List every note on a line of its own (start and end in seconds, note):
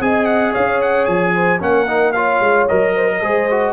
0.00 0.54 C4
0.00 1.60 G#4
0.00 0.52 D#5
0.00 0.26 G#5
0.26 0.53 F#5
0.52 1.08 C#4
0.52 1.33 C#5
0.52 0.81 F5
0.82 1.06 F#5
1.06 1.61 F3
1.06 1.60 G#5
1.34 1.61 C5
1.60 2.41 A#3
1.60 1.87 C#4
1.60 2.15 A#4
1.60 2.13 F#5
1.88 2.15 D#4
2.13 2.69 F4
2.13 2.96 C#5
2.13 2.66 F5
2.41 2.68 G#3
2.69 3.22 F#3
2.69 3.23 A#4
2.69 3.74 D#5
2.96 3.08 C5
3.08 3.21 A#4
3.22 3.74 G#3
3.22 3.50 G#4
3.22 3.74 C5
3.51 3.74 F#4